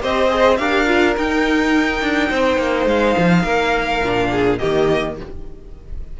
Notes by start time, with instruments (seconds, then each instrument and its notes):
0.00 cello C4, viola G4, violin C5 D#5
0.30 viola G#4
0.57 cello D4, viola G4, violin A#4 F5
0.86 viola F4
1.17 cello D#4, viola D#4, violin G5
2.01 cello D4
2.29 cello C4, violin C5
2.57 cello A#3
2.86 cello G#3, violin F5
3.17 cello F3
3.43 cello A#3, violin A#4
4.03 cello A#2, viola D4
4.31 violin G#4
4.58 cello D#3, viola A#3, violin G4 D#5